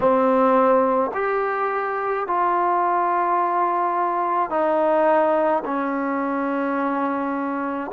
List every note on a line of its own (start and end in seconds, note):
0.00 1.11 C4
1.13 2.26 G4
2.26 4.50 F4
4.50 5.63 D#4
5.64 7.91 C#4